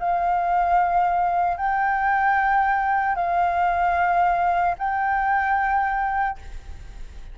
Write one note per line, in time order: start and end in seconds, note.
0.00 1.57 F5
1.57 3.16 G5
3.16 4.76 F5
4.79 6.39 G5